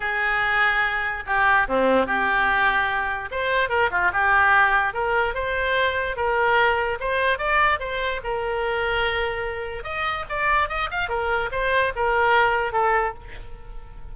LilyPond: \new Staff \with { instrumentName = "oboe" } { \time 4/4 \tempo 4 = 146 gis'2. g'4 | c'4 g'2. | c''4 ais'8 f'8 g'2 | ais'4 c''2 ais'4~ |
ais'4 c''4 d''4 c''4 | ais'1 | dis''4 d''4 dis''8 f''8 ais'4 | c''4 ais'2 a'4 | }